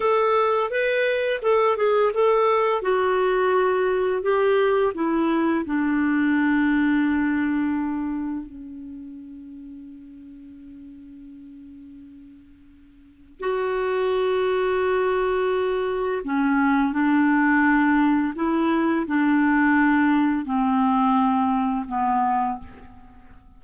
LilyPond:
\new Staff \with { instrumentName = "clarinet" } { \time 4/4 \tempo 4 = 85 a'4 b'4 a'8 gis'8 a'4 | fis'2 g'4 e'4 | d'1 | cis'1~ |
cis'2. fis'4~ | fis'2. cis'4 | d'2 e'4 d'4~ | d'4 c'2 b4 | }